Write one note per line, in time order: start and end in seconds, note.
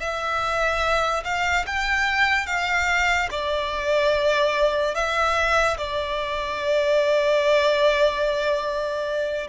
0.00 1.23 E5
1.24 1.66 F5
1.66 2.47 G5
2.47 3.29 F5
3.31 4.95 D5
4.95 5.77 E5
5.78 9.47 D5